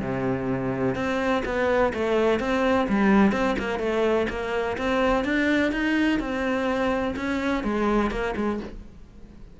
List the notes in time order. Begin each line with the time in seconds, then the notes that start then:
0.00 C3
0.95 C4
1.45 B3
1.93 A3
2.39 C4
2.88 G3
3.32 C4
3.58 A#3
3.79 A3
4.29 A#3
4.77 C4
5.24 D4
5.72 D#4
6.19 C4
7.16 C#4
7.63 G#3
8.10 A#3
8.36 G#3